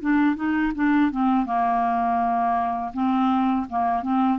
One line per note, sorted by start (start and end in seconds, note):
0.00 0.35 D4
0.35 0.72 D#4
0.75 1.11 D4
1.11 1.45 C4
1.45 2.92 A#3
2.93 3.66 C4
3.69 4.02 A#3
4.02 4.38 C4